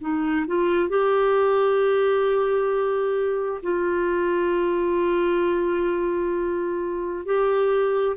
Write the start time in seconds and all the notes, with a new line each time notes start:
0.00 D#4
0.47 F4
0.88 G4
3.62 F4
7.25 G4